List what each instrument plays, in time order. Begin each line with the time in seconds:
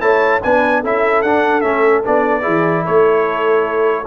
0.00 tuba A3, trombone E4, horn C#5, trumpet A5
0.42 tuba B3, trombone D4, horn B4, trumpet G#5
0.80 tuba C#4, trombone E4, horn A4, trumpet E5
1.22 tuba D4, trombone D4, trumpet F#5
1.61 tuba A3, trombone C#4, trumpet E5
2.04 tuba B3, trombone D4, trumpet D5
2.42 tuba E3, trombone E4, horn G#4
2.84 tuba A3, horn A4, trumpet C#5